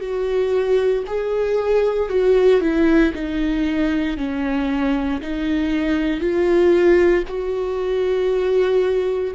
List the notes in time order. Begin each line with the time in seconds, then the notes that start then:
0.00 F#4
1.07 G#4
2.09 F#4
2.61 E4
3.14 D#4
4.17 C#4
5.21 D#4
6.20 F4
7.27 F#4